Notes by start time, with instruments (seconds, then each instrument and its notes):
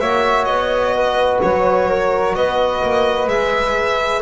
0.00 double bass A#3, trombone F#4, flute C#5, violin E5
0.45 double bass B3, violin D#5
0.96 flute B4
1.42 double bass F#3, violin C#5
1.89 flute A#4
2.35 double bass B3, flute B4, violin D#5
2.83 double bass A#3
3.28 double bass G#3, trombone G#4, violin E5